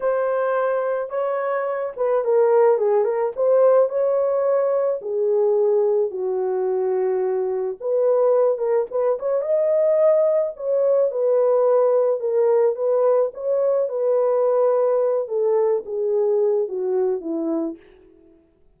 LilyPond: \new Staff \with { instrumentName = "horn" } { \time 4/4 \tempo 4 = 108 c''2 cis''4. b'8 | ais'4 gis'8 ais'8 c''4 cis''4~ | cis''4 gis'2 fis'4~ | fis'2 b'4. ais'8 |
b'8 cis''8 dis''2 cis''4 | b'2 ais'4 b'4 | cis''4 b'2~ b'8 a'8~ | a'8 gis'4. fis'4 e'4 | }